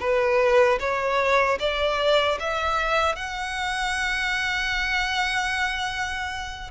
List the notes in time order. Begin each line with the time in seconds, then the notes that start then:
0.00 B4
0.80 C#5
1.60 D5
2.40 E5
3.16 F#5